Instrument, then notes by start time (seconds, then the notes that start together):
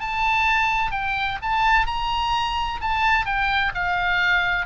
oboe
0.00 A5
0.91 G5
1.42 A5
1.87 A#5
2.81 A5
3.26 G5
3.75 F5